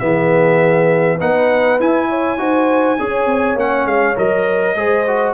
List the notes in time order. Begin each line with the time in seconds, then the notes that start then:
0.00 E3 B3 G#4 E5
1.18 B3 D#4 B4 F#5
1.80 E4 G#5
2.09 C#5
2.38 D#4 F#4 C5
2.99 C#4 G#4 C#5
3.26 C4
3.56 A#3 C#4 F#5
3.86 G#3 F5
4.16 F#3 A#4 D#5
4.76 G#3 G#4 C5
5.07 F#4